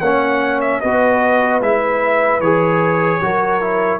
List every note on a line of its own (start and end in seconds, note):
0.00 0.82 A#3
0.00 0.84 C#4
0.00 0.81 C#5
0.00 0.60 F#5
0.61 0.80 E5
0.80 1.60 B3
0.80 1.62 F#4
0.80 3.22 B4
0.80 1.60 D#5
1.60 2.40 G#3
1.60 2.42 E4
1.60 2.41 E5
2.40 3.20 E3
2.40 3.22 G#4
2.40 4.00 C#5
3.22 4.00 F#3
3.22 3.61 F#4
3.22 4.00 A#4
3.61 4.00 E4